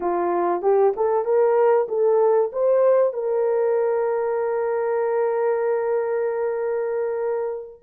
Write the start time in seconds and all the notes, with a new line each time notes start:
0.00 F4
0.61 G4
0.96 A4
1.24 A#4
1.88 A4
2.52 C5
3.13 A#4